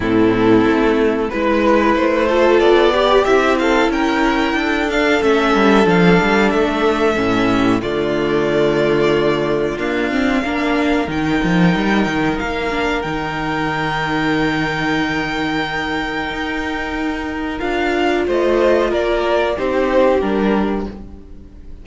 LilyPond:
<<
  \new Staff \with { instrumentName = "violin" } { \time 4/4 \tempo 4 = 92 a'2 b'4 c''4 | d''4 e''8 f''8 g''4. f''8 | e''4 f''4 e''2 | d''2. f''4~ |
f''4 g''2 f''4 | g''1~ | g''2. f''4 | dis''4 d''4 c''4 ais'4 | }
  \new Staff \with { instrumentName = "violin" } { \time 4/4 e'2 b'4. a'8~ | a'8 g'4 a'8 ais'4 a'4~ | a'2.~ a'8 g'8 | f'1 |
ais'1~ | ais'1~ | ais'1 | c''4 ais'4 g'2 | }
  \new Staff \with { instrumentName = "viola" } { \time 4/4 c'2 e'4. f'8~ | f'8 g'8 e'2~ e'8 d'8 | cis'4 d'2 cis'4 | a2. ais8 c'8 |
d'4 dis'2~ dis'8 d'8 | dis'1~ | dis'2. f'4~ | f'2 dis'4 d'4 | }
  \new Staff \with { instrumentName = "cello" } { \time 4/4 a,4 a4 gis4 a4 | b4 c'4 cis'4 d'4 | a8 g8 f8 g8 a4 a,4 | d2. d'4 |
ais4 dis8 f8 g8 dis8 ais4 | dis1~ | dis4 dis'2 d'4 | a4 ais4 c'4 g4 | }
>>